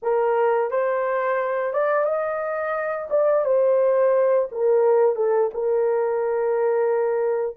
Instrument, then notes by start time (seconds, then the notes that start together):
horn
0.02 A#4
0.71 C5
1.73 D5
2.04 D#5
3.10 D5
3.45 C5
4.51 A#4
5.15 A4
5.53 A#4